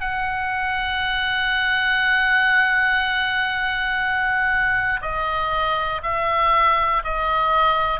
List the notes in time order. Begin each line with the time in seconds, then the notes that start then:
0.00 F#5
5.02 D#5
6.03 E5
7.04 D#5